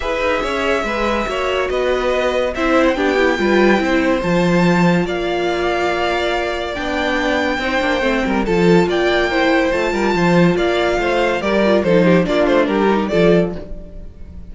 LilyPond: <<
  \new Staff \with { instrumentName = "violin" } { \time 4/4 \tempo 4 = 142 e''1 | dis''2 e''8. fis''16 g''4~ | g''2 a''2 | f''1 |
g''1 | a''4 g''2 a''4~ | a''4 f''2 d''4 | c''4 d''8 c''8 ais'4 d''4 | }
  \new Staff \with { instrumentName = "violin" } { \time 4/4 b'4 cis''4 b'4 cis''4 | b'2 c''4 g'4 | b'4 c''2. | d''1~ |
d''2 c''4. ais'8 | a'4 d''4 c''4. ais'8 | c''4 d''4 c''4 ais'4 | a'8 g'8 f'4 g'4 a'4 | }
  \new Staff \with { instrumentName = "viola" } { \time 4/4 gis'2. fis'4~ | fis'2 e'4 d'8 e'8 | f'4 e'4 f'2~ | f'1 |
d'2 dis'8 d'8 c'4 | f'2 e'4 f'4~ | f'2. g'8 f'8 | dis'4 d'4. dis'8 f'4 | }
  \new Staff \with { instrumentName = "cello" } { \time 4/4 e'8 dis'8 cis'4 gis4 ais4 | b2 c'4 b4 | g4 c'4 f2 | ais1 |
b2 c'8 ais8 a8 g8 | f4 ais2 a8 g8 | f4 ais4 a4 g4 | f4 ais8 a8 g4 f4 | }
>>